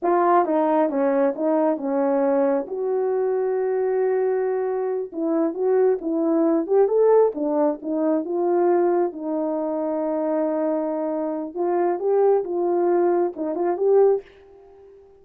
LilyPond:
\new Staff \with { instrumentName = "horn" } { \time 4/4 \tempo 4 = 135 f'4 dis'4 cis'4 dis'4 | cis'2 fis'2~ | fis'2.~ fis'8 e'8~ | e'8 fis'4 e'4. g'8 a'8~ |
a'8 d'4 dis'4 f'4.~ | f'8 dis'2.~ dis'8~ | dis'2 f'4 g'4 | f'2 dis'8 f'8 g'4 | }